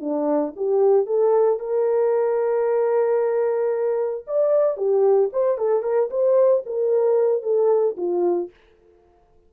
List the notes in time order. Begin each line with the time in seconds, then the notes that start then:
0.00 D4
0.56 G4
1.06 A4
1.60 A#4
4.27 D5
4.77 G4
5.33 C5
5.58 A4
5.83 A#4
6.10 C5
6.66 A#4
7.43 A4
7.97 F4